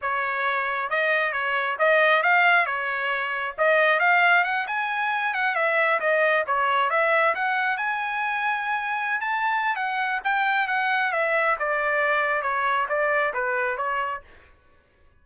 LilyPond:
\new Staff \with { instrumentName = "trumpet" } { \time 4/4 \tempo 4 = 135 cis''2 dis''4 cis''4 | dis''4 f''4 cis''2 | dis''4 f''4 fis''8 gis''4. | fis''8 e''4 dis''4 cis''4 e''8~ |
e''8 fis''4 gis''2~ gis''8~ | gis''8. a''4~ a''16 fis''4 g''4 | fis''4 e''4 d''2 | cis''4 d''4 b'4 cis''4 | }